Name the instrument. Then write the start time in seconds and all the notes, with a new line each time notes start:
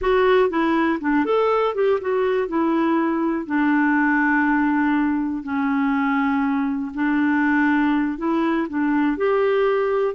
clarinet
0.01 F#4
0.49 E4
1.00 D4
1.25 A4
1.74 G4
2.00 F#4
2.48 E4
3.46 D4
5.43 C#4
6.94 D4
8.18 E4
8.68 D4
9.17 G4